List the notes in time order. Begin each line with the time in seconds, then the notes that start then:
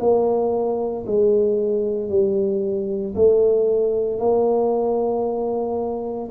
0.00 A#3
1.07 G#3
2.10 G3
3.15 A3
4.19 A#3